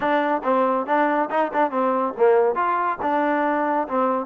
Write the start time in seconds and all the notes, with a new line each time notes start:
0.00 D4
0.43 C4
0.86 D4
1.30 D#4
1.53 D4
1.70 C4
2.17 A#3
2.55 F4
3.01 D4
3.88 C4